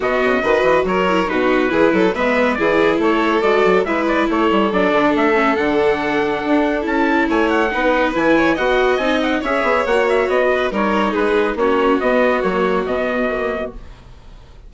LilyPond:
<<
  \new Staff \with { instrumentName = "trumpet" } { \time 4/4 \tempo 4 = 140 dis''2 cis''4 b'4~ | b'4 e''4 d''4 cis''4 | d''4 e''8 d''8 cis''4 d''4 | e''4 fis''2. |
a''4 gis''8 fis''4. gis''4 | fis''4 gis''8 fis''8 e''4 fis''8 e''8 | dis''4 cis''4 b'4 cis''4 | dis''4 cis''4 dis''2 | }
  \new Staff \with { instrumentName = "violin" } { \time 4/4 fis'4 b'4 ais'4 fis'4 | gis'8 a'8 b'4 gis'4 a'4~ | a'4 b'4 a'2~ | a'1~ |
a'4 cis''4 b'4. cis''8 | dis''2 cis''2~ | cis''8 b'8 ais'4 gis'4 fis'4~ | fis'1 | }
  \new Staff \with { instrumentName = "viola" } { \time 4/4 b4 fis'4. e'8 dis'4 | e'4 b4 e'2 | fis'4 e'2 d'4~ | d'8 cis'8 d'2. |
e'2 dis'4 e'4 | fis'4 dis'4 gis'4 fis'4~ | fis'4 dis'2 cis'4 | b4 ais4 b4 ais4 | }
  \new Staff \with { instrumentName = "bassoon" } { \time 4/4 b,8 cis8 dis8 e8 fis4 b,4 | e8 fis8 gis4 e4 a4 | gis8 fis8 gis4 a8 g8 fis8 d8 | a4 d2 d'4 |
cis'4 a4 b4 e4 | b4 c'4 cis'8 b8 ais4 | b4 g4 gis4 ais4 | b4 fis4 b,2 | }
>>